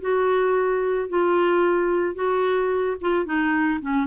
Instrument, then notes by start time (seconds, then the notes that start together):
clarinet
0.00 F#4
1.09 F4
2.15 F#4
3.00 F4
3.25 D#4
3.81 C#4